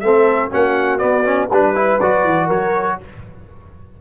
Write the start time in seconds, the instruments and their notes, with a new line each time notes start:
0.00 tuba A3, trombone C4, horn A4, trumpet E5
0.50 tuba A#3, trombone C#4, horn F#4, trumpet F#5
0.99 trombone B3, tuba B3, trumpet D5
1.24 trombone C#4
1.50 tuba G3, trombone D4, horn B4, trumpet B4
1.75 trombone E4
2.00 tuba F#3, trombone F#4, trumpet D5
2.24 tuba E3
2.47 tuba F#3, horn A#4, trumpet C#5